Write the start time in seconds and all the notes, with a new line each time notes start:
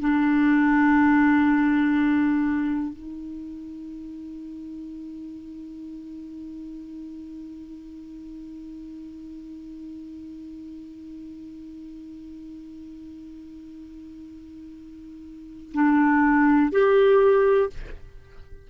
0.00 D4
2.94 D#4
15.74 D4
16.72 G4